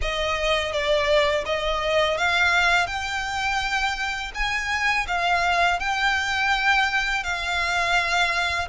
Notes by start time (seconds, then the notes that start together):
0.01 D#5
0.72 D5
1.45 D#5
2.17 F5
2.87 G5
4.34 G#5
5.07 F5
5.79 G5
7.23 F5